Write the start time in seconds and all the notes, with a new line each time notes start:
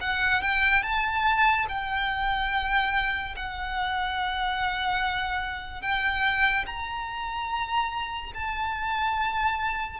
0.00 F#5
0.41 G5
0.83 A5
1.68 G5
3.36 F#5
5.81 G5
6.66 A#5
8.34 A5